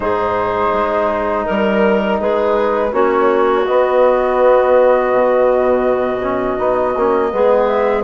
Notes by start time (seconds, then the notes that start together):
0.00 G#2 D#4 G#4 C5
0.72 G#3
1.45 G3 A#4
2.20 G#3 G#4 B4
2.92 A#3 C#4 F#4 C#5
3.65 B3 D#5
5.12 B2
6.21 C#4
6.57 B3 D#4
6.96 A#3 C#4
7.31 G#3 B3 G#4
7.66 E5